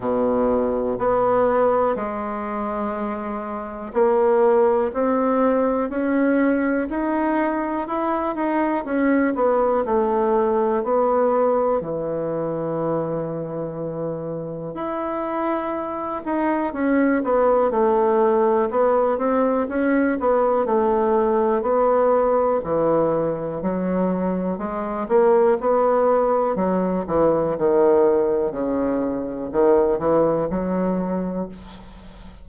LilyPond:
\new Staff \with { instrumentName = "bassoon" } { \time 4/4 \tempo 4 = 61 b,4 b4 gis2 | ais4 c'4 cis'4 dis'4 | e'8 dis'8 cis'8 b8 a4 b4 | e2. e'4~ |
e'8 dis'8 cis'8 b8 a4 b8 c'8 | cis'8 b8 a4 b4 e4 | fis4 gis8 ais8 b4 fis8 e8 | dis4 cis4 dis8 e8 fis4 | }